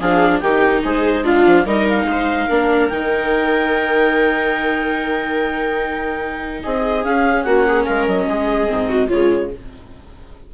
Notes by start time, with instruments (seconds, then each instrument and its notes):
0.00 bassoon F3, viola D4 G#4, clarinet F5
0.40 bassoon D#3, viola D#4 G4, clarinet G5
0.84 bassoon G#3, viola G#4, clarinet C5
1.24 viola D4 F4, clarinet F5
1.46 bassoon F3
1.65 bassoon G3, viola D#4 A#4, clarinet D#5
1.89 clarinet F5
2.05 bassoon G#3
2.11 viola C5
2.47 bassoon A#3, viola D4 A#4
2.89 bassoon D#3, viola D#4, clarinet G5
6.63 bassoon C4, viola G#4, clarinet D#5
7.03 viola C#4, bassoon C#4, clarinet F5
7.43 bassoon A#3, viola F#4, clarinet F#5
7.68 viola G#4
7.85 bassoon G#3, viola A#4, clarinet F5
8.07 bassoon F#3, clarinet D#5
8.27 bassoon G#3, viola G#4
8.67 bassoon G#2, viola C4
8.89 viola F#4
9.08 bassoon C#3, viola G#3 F4, clarinet C#5